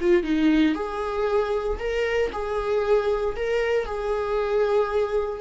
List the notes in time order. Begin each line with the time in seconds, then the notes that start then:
0.00 F4
0.23 D#4
0.75 G#4
1.79 A#4
2.32 G#4
3.36 A#4
3.85 G#4